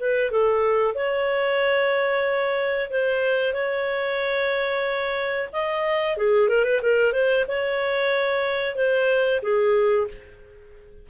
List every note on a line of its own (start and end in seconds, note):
0.00 0.31 B4
0.31 0.95 A4
0.95 2.90 C#5
2.90 3.54 C5
3.54 5.49 C#5
5.53 6.17 D#5
6.17 6.49 G#4
6.49 6.64 A#4
6.64 6.81 B4
6.82 7.13 A#4
7.13 7.45 C5
7.48 8.75 C#5
8.75 9.41 C5
9.42 10.08 G#4